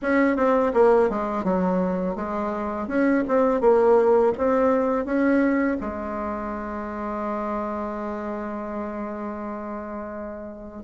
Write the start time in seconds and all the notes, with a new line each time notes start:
0.02 C#4
0.36 C4
0.73 A#3
1.09 G#3
1.44 F#3
2.15 G#3
2.87 C#4
3.28 C4
3.60 A#3
4.37 C4
5.05 C#4
5.80 G#3